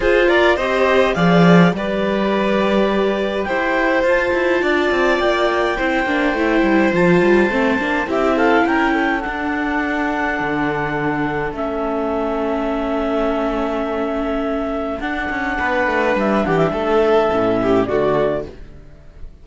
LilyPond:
<<
  \new Staff \with { instrumentName = "clarinet" } { \time 4/4 \tempo 4 = 104 c''8 d''8 dis''4 f''4 d''4~ | d''2 g''4 a''4~ | a''4 g''2. | a''2 e''8 f''8 g''4 |
fis''1 | e''1~ | e''2 fis''2 | e''8 fis''16 e''2~ e''16 d''4 | }
  \new Staff \with { instrumentName = "violin" } { \time 4/4 gis'8 ais'8 c''4 d''4 b'4~ | b'2 c''2 | d''2 c''2~ | c''2 g'8 a'8 ais'8 a'8~ |
a'1~ | a'1~ | a'2. b'4~ | b'8 g'8 a'4. g'8 fis'4 | }
  \new Staff \with { instrumentName = "viola" } { \time 4/4 f'4 g'4 gis'4 g'4~ | g'2. f'4~ | f'2 e'8 d'8 e'4 | f'4 c'8 d'8 e'2 |
d'1 | cis'1~ | cis'2 d'2~ | d'2 cis'4 a4 | }
  \new Staff \with { instrumentName = "cello" } { \time 4/4 f'4 c'4 f4 g4~ | g2 e'4 f'8 e'8 | d'8 c'8 ais4 c'8 ais8 a8 g8 | f8 g8 a8 ais8 c'4 cis'4 |
d'2 d2 | a1~ | a2 d'8 cis'8 b8 a8 | g8 e8 a4 a,4 d4 | }
>>